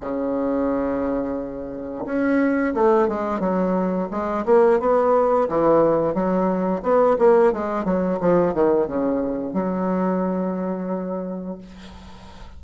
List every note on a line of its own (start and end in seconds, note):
0.00 2.05 C#3
2.05 2.73 C#4
2.74 3.08 A3
3.08 3.40 G#3
3.40 4.08 F#3
4.11 4.45 G#3
4.45 4.79 A#3
4.79 5.48 B3
5.49 6.14 E3
6.14 6.82 F#3
6.82 7.16 B3
7.18 7.52 A#3
7.52 7.84 G#3
7.84 8.18 F#3
8.20 8.54 F3
8.54 8.87 D#3
8.87 9.53 C#3
9.53 11.58 F#3